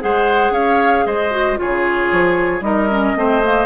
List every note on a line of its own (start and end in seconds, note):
0.00 0.51 G#3
0.00 1.31 G#4
0.00 0.53 C5
0.00 0.54 F#5
0.51 1.04 C#4
0.51 1.06 C#5
0.51 1.07 F5
1.06 1.59 G#3
1.06 1.59 C5
1.06 1.59 D#5
1.31 1.57 F#4
1.57 2.62 F4
1.57 2.66 G#4
1.57 2.62 C#5
1.63 2.12 C#3
2.12 2.61 F3
2.61 3.14 G3
2.61 2.88 D#4
2.61 3.18 A#4
2.61 3.67 D#5
2.91 3.16 C#4
3.16 3.67 A3
3.16 3.43 C4
3.16 3.67 C5
3.44 3.67 A#3